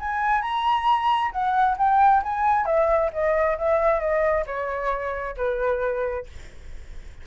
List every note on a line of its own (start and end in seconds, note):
0.00 0.42 G#5
0.42 1.31 A#5
1.32 1.77 F#5
1.78 2.23 G5
2.23 2.66 G#5
2.66 3.11 E5
3.13 3.58 D#5
3.58 4.01 E5
4.01 4.45 D#5
4.47 5.36 C#5
5.37 6.27 B4